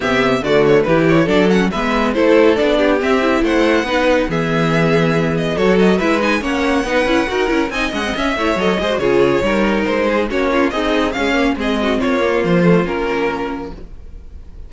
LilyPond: <<
  \new Staff \with { instrumentName = "violin" } { \time 4/4 \tempo 4 = 140 e''4 d''8 cis''8 b'8 cis''8 d''8 fis''8 | e''4 c''4 d''4 e''4 | fis''2 e''2~ | e''8 dis''8 cis''8 dis''8 e''8 gis''8 fis''4~ |
fis''2 gis''8 fis''8 e''4 | dis''4 cis''2 c''4 | cis''4 dis''4 f''4 dis''4 | cis''4 c''4 ais'2 | }
  \new Staff \with { instrumentName = "violin" } { \time 4/4 g'4 fis'4 g'4 a'4 | b'4 a'4. g'4. | c''4 b'4 gis'2~ | gis'4 a'4 b'4 cis''4 |
b'4 ais'4 dis''4. cis''8~ | cis''8 c''8 gis'4 ais'4. gis'8 | fis'8 f'8 dis'4 cis'4 gis'8 fis'8 | f'1 | }
  \new Staff \with { instrumentName = "viola" } { \time 4/4 b4 a4 e'4 d'8 cis'8 | b4 e'4 d'4 c'8 e'8~ | e'4 dis'4 b2~ | b4 fis'4 e'8 dis'8 cis'4 |
dis'8 e'8 fis'8 e'8 dis'8 cis'16 c'16 cis'8 e'8 | a'8 gis'16 fis'16 f'4 dis'2 | cis'4 gis'4 gis8 ais8 c'4~ | c'8 ais4 a8 cis'2 | }
  \new Staff \with { instrumentName = "cello" } { \time 4/4 c4 d4 e4 fis4 | gis4 a4 b4 c'4 | a4 b4 e2~ | e4 fis4 gis4 ais4 |
b8 cis'8 dis'8 cis'8 c'8 gis8 cis'8 a8 | fis8 gis8 cis4 g4 gis4 | ais4 c'4 cis'4 gis4 | ais4 f4 ais2 | }
>>